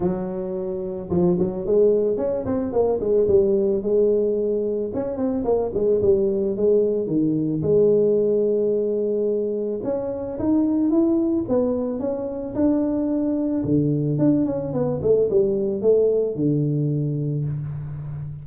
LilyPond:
\new Staff \with { instrumentName = "tuba" } { \time 4/4 \tempo 4 = 110 fis2 f8 fis8 gis4 | cis'8 c'8 ais8 gis8 g4 gis4~ | gis4 cis'8 c'8 ais8 gis8 g4 | gis4 dis4 gis2~ |
gis2 cis'4 dis'4 | e'4 b4 cis'4 d'4~ | d'4 d4 d'8 cis'8 b8 a8 | g4 a4 d2 | }